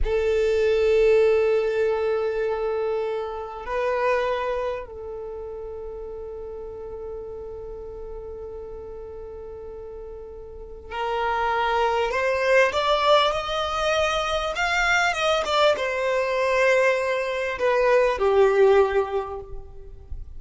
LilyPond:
\new Staff \with { instrumentName = "violin" } { \time 4/4 \tempo 4 = 99 a'1~ | a'2 b'2 | a'1~ | a'1~ |
a'2 ais'2 | c''4 d''4 dis''2 | f''4 dis''8 d''8 c''2~ | c''4 b'4 g'2 | }